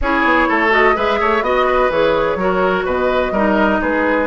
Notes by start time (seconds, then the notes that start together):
0.01 C#4 E4 G#4 C#5
0.23 B3
0.48 A3 A4
0.70 F#4 D#5
0.95 G#3 G#4 B4 E5
1.20 A3 C#5
1.41 B3 F#4 D#5
1.65 B4
1.89 E3 G#4 C#5
2.35 F#3 F#4 A#4
2.85 B2 B4 D#5
3.31 G3 D#4 A#4
3.81 G#3 G#4 B4